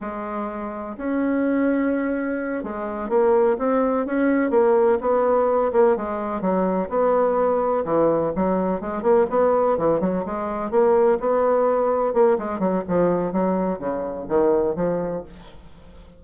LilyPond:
\new Staff \with { instrumentName = "bassoon" } { \time 4/4 \tempo 4 = 126 gis2 cis'2~ | cis'4. gis4 ais4 c'8~ | c'8 cis'4 ais4 b4. | ais8 gis4 fis4 b4.~ |
b8 e4 fis4 gis8 ais8 b8~ | b8 e8 fis8 gis4 ais4 b8~ | b4. ais8 gis8 fis8 f4 | fis4 cis4 dis4 f4 | }